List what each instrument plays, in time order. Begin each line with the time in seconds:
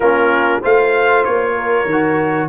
0.00 tuba A#3, trombone C#4, horn F4, trumpet A#4
0.60 tuba A3, trombone F4, horn C5, trumpet F5
1.24 tuba A#3, trumpet C#5
1.57 horn A#4
1.85 tuba D#3
1.91 trombone F#4